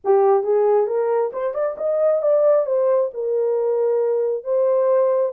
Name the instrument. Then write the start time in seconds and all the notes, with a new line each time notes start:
horn
0.04 G4
0.43 G#4
0.86 A#4
1.32 C5
1.53 D5
1.77 D#5
2.22 D5
2.65 C5
3.13 A#4
4.44 C5